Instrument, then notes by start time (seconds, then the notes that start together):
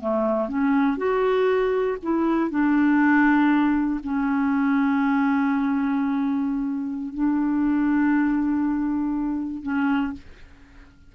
clarinet
0.00 A3
0.48 C#4
0.97 F#4
2.02 E4
2.50 D4
4.03 C#4
7.14 D4
9.62 C#4